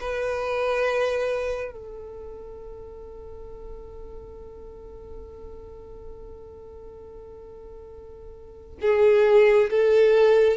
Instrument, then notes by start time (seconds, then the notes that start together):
violin
0.00 B4
1.71 A4
8.81 G#4
9.70 A4